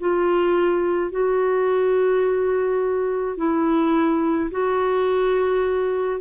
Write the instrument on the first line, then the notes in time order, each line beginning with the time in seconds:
clarinet
0.00 F4
1.11 F#4
3.37 E4
4.51 F#4